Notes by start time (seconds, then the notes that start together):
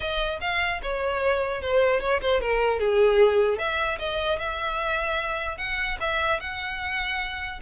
0.00 D#5
0.41 F5
0.82 C#5
1.61 C5
2.00 C#5
2.21 C5
2.41 A#4
2.79 G#4
3.58 E5
3.99 D#5
4.39 E5
5.57 F#5
6.00 E5
6.40 F#5